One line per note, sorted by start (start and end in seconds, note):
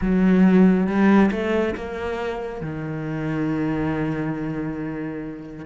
0.01 0.87 F#3
0.87 1.30 G3
1.31 1.74 A3
1.75 2.61 A#3
2.61 5.65 D#3